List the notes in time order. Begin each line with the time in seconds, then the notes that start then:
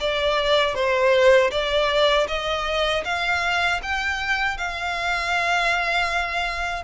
0.00 D5
0.75 C5
1.51 D5
2.28 D#5
3.05 F5
3.83 G5
4.57 F5